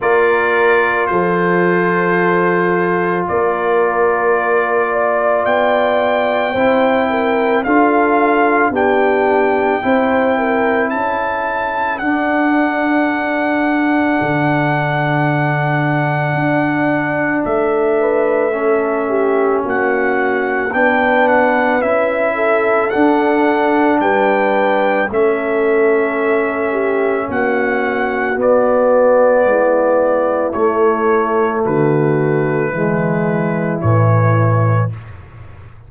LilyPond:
<<
  \new Staff \with { instrumentName = "trumpet" } { \time 4/4 \tempo 4 = 55 d''4 c''2 d''4~ | d''4 g''2 f''4 | g''2 a''4 fis''4~ | fis''1 |
e''2 fis''4 g''8 fis''8 | e''4 fis''4 g''4 e''4~ | e''4 fis''4 d''2 | cis''4 b'2 cis''4 | }
  \new Staff \with { instrumentName = "horn" } { \time 4/4 ais'4 a'2 ais'4~ | ais'8 d''4. c''8 ais'8 a'4 | g'4 c''8 ais'8 a'2~ | a'1~ |
a'8 b'8 a'8 g'8 fis'4 b'4~ | b'8 a'4. b'4 a'4~ | a'8 g'8 fis'2 e'4~ | e'4 fis'4 e'2 | }
  \new Staff \with { instrumentName = "trombone" } { \time 4/4 f'1~ | f'2 e'4 f'4 | d'4 e'2 d'4~ | d'1~ |
d'4 cis'2 d'4 | e'4 d'2 cis'4~ | cis'2 b2 | a2 gis4 e4 | }
  \new Staff \with { instrumentName = "tuba" } { \time 4/4 ais4 f2 ais4~ | ais4 b4 c'4 d'4 | b4 c'4 cis'4 d'4~ | d'4 d2 d'4 |
a2 ais4 b4 | cis'4 d'4 g4 a4~ | a4 ais4 b4 gis4 | a4 d4 e4 a,4 | }
>>